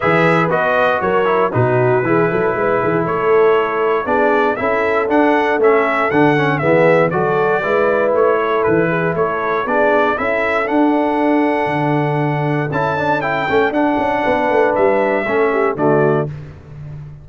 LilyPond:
<<
  \new Staff \with { instrumentName = "trumpet" } { \time 4/4 \tempo 4 = 118 e''4 dis''4 cis''4 b'4~ | b'2 cis''2 | d''4 e''4 fis''4 e''4 | fis''4 e''4 d''2 |
cis''4 b'4 cis''4 d''4 | e''4 fis''2.~ | fis''4 a''4 g''4 fis''4~ | fis''4 e''2 d''4 | }
  \new Staff \with { instrumentName = "horn" } { \time 4/4 b'2 ais'4 fis'4 | gis'8 a'8 b'8 gis'8 a'2 | gis'4 a'2.~ | a'4 gis'4 a'4 b'4~ |
b'8 a'4 gis'8 a'4 gis'4 | a'1~ | a'1 | b'2 a'8 g'8 fis'4 | }
  \new Staff \with { instrumentName = "trombone" } { \time 4/4 gis'4 fis'4. e'8 dis'4 | e'1 | d'4 e'4 d'4 cis'4 | d'8 cis'8 b4 fis'4 e'4~ |
e'2. d'4 | e'4 d'2.~ | d'4 e'8 d'8 e'8 cis'8 d'4~ | d'2 cis'4 a4 | }
  \new Staff \with { instrumentName = "tuba" } { \time 4/4 e4 b4 fis4 b,4 | e8 fis8 gis8 e8 a2 | b4 cis'4 d'4 a4 | d4 e4 fis4 gis4 |
a4 e4 a4 b4 | cis'4 d'2 d4~ | d4 cis'4. a8 d'8 cis'8 | b8 a8 g4 a4 d4 | }
>>